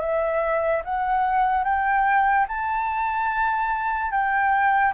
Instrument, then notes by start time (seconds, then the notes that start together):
flute
0.00 E5
0.84 F#5
1.64 G5
2.48 A5
4.11 G5